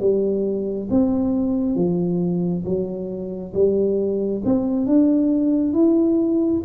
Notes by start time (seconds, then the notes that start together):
0.00 G3
0.91 C4
1.76 F3
2.65 F#3
3.54 G3
4.46 C4
4.86 D4
5.74 E4